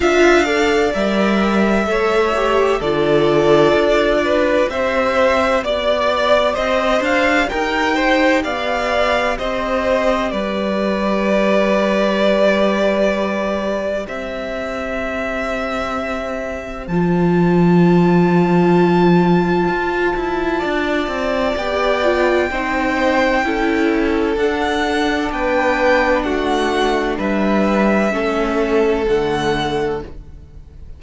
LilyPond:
<<
  \new Staff \with { instrumentName = "violin" } { \time 4/4 \tempo 4 = 64 f''4 e''2 d''4~ | d''4 e''4 d''4 dis''8 f''8 | g''4 f''4 dis''4 d''4~ | d''2. e''4~ |
e''2 a''2~ | a''2. g''4~ | g''2 fis''4 g''4 | fis''4 e''2 fis''4 | }
  \new Staff \with { instrumentName = "violin" } { \time 4/4 e''8 d''4. cis''4 a'4~ | a'8 b'8 c''4 d''4 c''4 | ais'8 c''8 d''4 c''4 b'4~ | b'2. c''4~ |
c''1~ | c''2 d''2 | c''4 a'2 b'4 | fis'4 b'4 a'2 | }
  \new Staff \with { instrumentName = "viola" } { \time 4/4 f'8 a'8 ais'4 a'8 g'8 f'4~ | f'4 g'2.~ | g'1~ | g'1~ |
g'2 f'2~ | f'2. g'8 f'8 | dis'4 e'4 d'2~ | d'2 cis'4 a4 | }
  \new Staff \with { instrumentName = "cello" } { \time 4/4 d'4 g4 a4 d4 | d'4 c'4 b4 c'8 d'8 | dis'4 b4 c'4 g4~ | g2. c'4~ |
c'2 f2~ | f4 f'8 e'8 d'8 c'8 b4 | c'4 cis'4 d'4 b4 | a4 g4 a4 d4 | }
>>